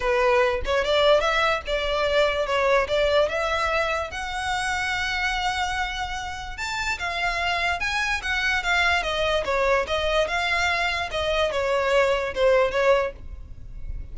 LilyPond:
\new Staff \with { instrumentName = "violin" } { \time 4/4 \tempo 4 = 146 b'4. cis''8 d''4 e''4 | d''2 cis''4 d''4 | e''2 fis''2~ | fis''1 |
a''4 f''2 gis''4 | fis''4 f''4 dis''4 cis''4 | dis''4 f''2 dis''4 | cis''2 c''4 cis''4 | }